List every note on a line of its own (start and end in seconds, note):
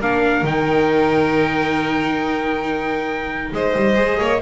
0.00 0.42 A#3
0.00 0.45 D4
0.00 3.53 A#4
0.00 0.46 F5
0.42 3.51 D#3
0.42 3.95 D#4
0.42 3.54 G5
3.52 3.74 G#3
3.52 4.19 C5
3.52 4.42 D#5
3.76 3.97 G3
3.95 4.19 G#3
3.95 4.39 G#4
4.19 4.42 A#3
4.19 4.41 C#5